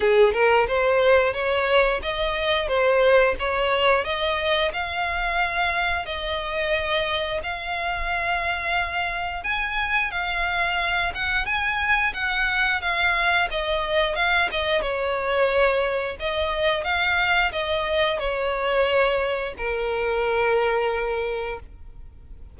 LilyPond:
\new Staff \with { instrumentName = "violin" } { \time 4/4 \tempo 4 = 89 gis'8 ais'8 c''4 cis''4 dis''4 | c''4 cis''4 dis''4 f''4~ | f''4 dis''2 f''4~ | f''2 gis''4 f''4~ |
f''8 fis''8 gis''4 fis''4 f''4 | dis''4 f''8 dis''8 cis''2 | dis''4 f''4 dis''4 cis''4~ | cis''4 ais'2. | }